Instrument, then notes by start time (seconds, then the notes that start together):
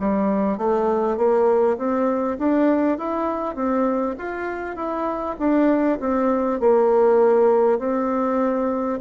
bassoon
0.00 G3
0.58 A3
1.18 A#3
1.78 C4
2.39 D4
2.99 E4
3.56 C4
4.18 F4
4.76 E4
5.39 D4
6.01 C4
6.61 A#3
7.79 C4